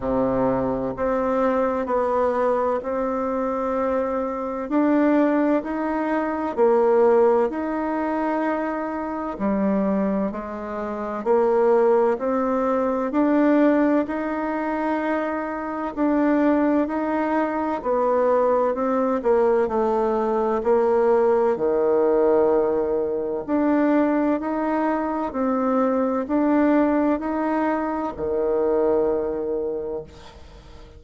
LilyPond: \new Staff \with { instrumentName = "bassoon" } { \time 4/4 \tempo 4 = 64 c4 c'4 b4 c'4~ | c'4 d'4 dis'4 ais4 | dis'2 g4 gis4 | ais4 c'4 d'4 dis'4~ |
dis'4 d'4 dis'4 b4 | c'8 ais8 a4 ais4 dis4~ | dis4 d'4 dis'4 c'4 | d'4 dis'4 dis2 | }